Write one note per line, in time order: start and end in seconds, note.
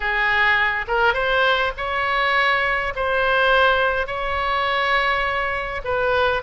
0.00 0.85 G#4
0.87 1.13 A#4
1.13 1.72 C5
1.77 2.93 C#5
2.95 4.06 C5
4.06 5.81 C#5
5.84 6.42 B4